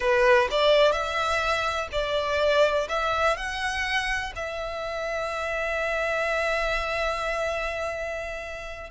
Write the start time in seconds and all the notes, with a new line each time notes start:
0.00 B4
0.50 D5
0.92 E5
1.92 D5
2.88 E5
3.36 F#5
4.35 E5